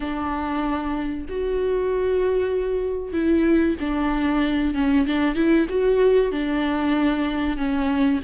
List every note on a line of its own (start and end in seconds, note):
0.00 1.26 D4
1.28 3.13 F#4
3.13 3.76 E4
3.80 4.74 D4
4.74 5.06 C#4
5.06 5.35 D4
5.35 5.67 E4
5.69 6.31 F#4
6.31 7.57 D4
7.57 8.20 C#4